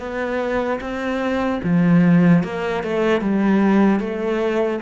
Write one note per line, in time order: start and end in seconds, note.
0.00 0.80 B3
0.81 1.61 C4
1.64 2.44 F3
2.44 2.84 A#3
2.84 3.21 A3
3.21 4.00 G3
4.00 4.80 A3